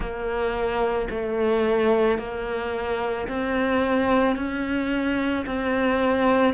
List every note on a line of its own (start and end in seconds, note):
0.00 1.08 A#3
1.10 2.18 A3
2.18 3.27 A#3
3.28 4.36 C4
4.36 5.45 C#4
5.45 6.54 C4